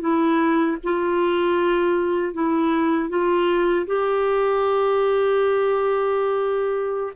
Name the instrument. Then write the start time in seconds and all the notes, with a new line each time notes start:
clarinet
0.00 E4
0.83 F4
2.34 E4
3.09 F4
3.86 G4